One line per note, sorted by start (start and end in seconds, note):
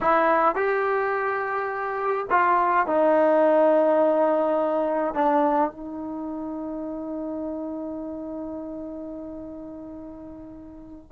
0.01 0.55 E4
0.55 2.26 G4
2.29 2.86 F4
2.86 5.14 D#4
5.14 5.71 D4
5.71 11.11 D#4